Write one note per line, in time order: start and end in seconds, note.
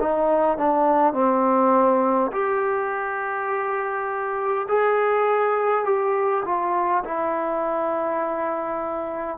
0.00 0.58 D#4
0.58 1.14 D4
1.14 2.32 C4
2.33 4.68 G4
4.69 5.85 G#4
5.85 6.44 G4
6.45 7.04 F4
7.05 9.38 E4